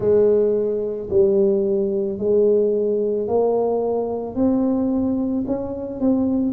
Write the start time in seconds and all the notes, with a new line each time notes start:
0.00 G#3
1.10 G3
2.18 G#3
3.27 A#3
4.35 C4
5.46 C#4
6.00 C4